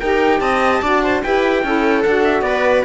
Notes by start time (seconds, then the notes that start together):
0.00 D#4 G4 A#4 G5
0.40 C4 D#5 A5
0.82 D4 F#4 D5
1.03 C5
1.23 E4 G4 B4 G5
1.63 C#4 E4 A4
2.02 D4 F#4 F#5
2.24 E5
2.41 B3 B4 D5